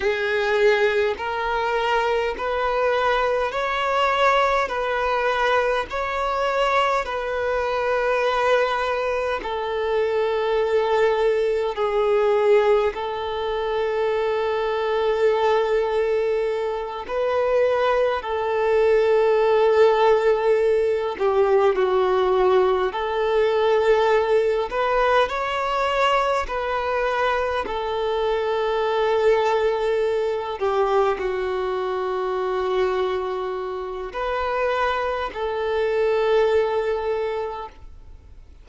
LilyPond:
\new Staff \with { instrumentName = "violin" } { \time 4/4 \tempo 4 = 51 gis'4 ais'4 b'4 cis''4 | b'4 cis''4 b'2 | a'2 gis'4 a'4~ | a'2~ a'8 b'4 a'8~ |
a'2 g'8 fis'4 a'8~ | a'4 b'8 cis''4 b'4 a'8~ | a'2 g'8 fis'4.~ | fis'4 b'4 a'2 | }